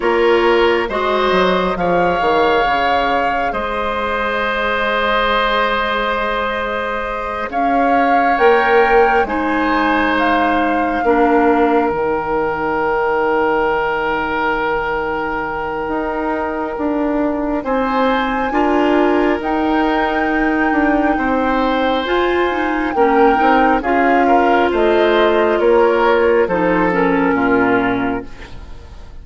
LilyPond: <<
  \new Staff \with { instrumentName = "flute" } { \time 4/4 \tempo 4 = 68 cis''4 dis''4 f''2 | dis''1~ | dis''8 f''4 g''4 gis''4 f''8~ | f''4. g''2~ g''8~ |
g''1 | gis''2 g''2~ | g''4 gis''4 g''4 f''4 | dis''4 cis''4 c''8 ais'4. | }
  \new Staff \with { instrumentName = "oboe" } { \time 4/4 ais'4 c''4 cis''2 | c''1~ | c''8 cis''2 c''4.~ | c''8 ais'2.~ ais'8~ |
ais'1 | c''4 ais'2. | c''2 ais'4 gis'8 ais'8 | c''4 ais'4 a'4 f'4 | }
  \new Staff \with { instrumentName = "clarinet" } { \time 4/4 f'4 fis'4 gis'2~ | gis'1~ | gis'4. ais'4 dis'4.~ | dis'8 d'4 dis'2~ dis'8~ |
dis'1~ | dis'4 f'4 dis'2~ | dis'4 f'8 dis'8 cis'8 dis'8 f'4~ | f'2 dis'8 cis'4. | }
  \new Staff \with { instrumentName = "bassoon" } { \time 4/4 ais4 gis8 fis8 f8 dis8 cis4 | gis1~ | gis8 cis'4 ais4 gis4.~ | gis8 ais4 dis2~ dis8~ |
dis2 dis'4 d'4 | c'4 d'4 dis'4. d'8 | c'4 f'4 ais8 c'8 cis'4 | a4 ais4 f4 ais,4 | }
>>